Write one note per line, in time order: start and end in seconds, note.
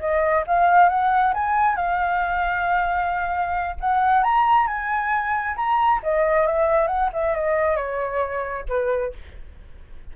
0.00 0.44 D#5
0.47 0.89 F5
0.89 1.34 F#5
1.34 1.76 G#5
1.76 3.76 F5
3.81 4.24 F#5
4.24 4.68 A#5
4.68 5.57 G#5
5.57 6.01 A#5
6.03 6.47 D#5
6.47 6.88 E5
6.88 7.10 F#5
7.13 7.36 E5
7.36 7.77 D#5
7.77 8.65 C#5
8.69 9.14 B4